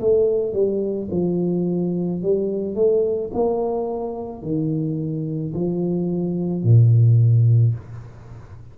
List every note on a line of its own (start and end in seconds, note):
0.00 0.53 A3
0.53 1.09 G3
1.11 2.22 F3
2.22 2.75 G3
2.75 3.30 A3
3.33 4.42 A#3
4.42 5.53 D#3
5.54 6.63 F3
6.63 7.74 A#2